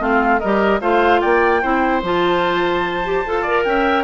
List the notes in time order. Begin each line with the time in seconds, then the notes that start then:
0.00 A3 C4 F4 F5
0.40 G3 G4 A#4 D#5
0.81 A3 F4 C5 F5
1.21 A#3 D5 G5
1.62 C4 E4 C5
2.03 F3 F4 A5
3.05 G4
3.27 F4 A4
3.42 A#4 D5
3.64 C#4 E5 G5